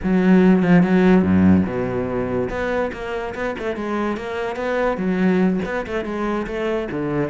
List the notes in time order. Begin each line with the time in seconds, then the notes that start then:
0.03 F#3
0.62 F3
0.82 F#3
1.23 F#2
1.66 B2
2.49 B3
2.92 A#3
3.34 B3
3.58 A3
3.76 G#3
4.16 A#3
4.56 B3
4.97 F#3
5.65 B3
5.87 A3
6.05 G#3
6.46 A3
6.91 D3